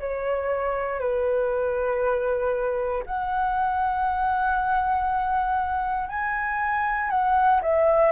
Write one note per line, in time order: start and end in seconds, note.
0.00 1.00 C#5
1.00 3.03 B4
3.06 6.09 F#5
6.09 7.10 G#5
7.10 7.61 F#5
7.62 8.12 E5